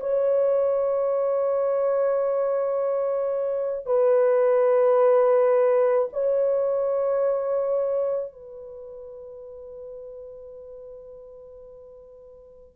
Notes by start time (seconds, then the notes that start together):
0.00 C#5
3.86 B4
6.13 C#5
8.32 B4